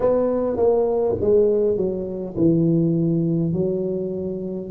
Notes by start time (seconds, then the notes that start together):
0.00 B3
0.56 A#3
1.20 G#3
1.76 F#3
2.36 E3
3.52 F#3